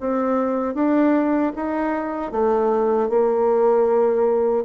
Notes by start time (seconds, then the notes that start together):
0.00 C4
0.74 D4
1.56 D#4
2.32 A3
3.10 A#3